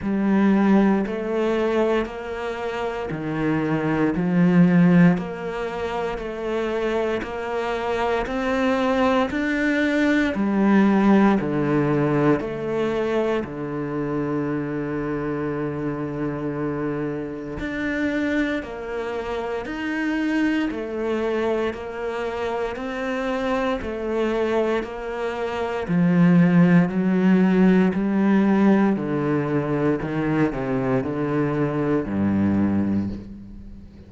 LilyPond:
\new Staff \with { instrumentName = "cello" } { \time 4/4 \tempo 4 = 58 g4 a4 ais4 dis4 | f4 ais4 a4 ais4 | c'4 d'4 g4 d4 | a4 d2.~ |
d4 d'4 ais4 dis'4 | a4 ais4 c'4 a4 | ais4 f4 fis4 g4 | d4 dis8 c8 d4 g,4 | }